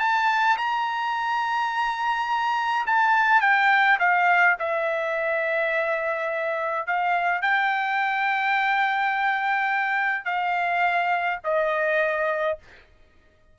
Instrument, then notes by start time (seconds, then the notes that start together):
trumpet
0.00 A5
0.57 A#5
2.86 A5
3.41 G5
3.99 F5
4.59 E5
6.87 F5
7.42 G5
10.25 F5
11.44 D#5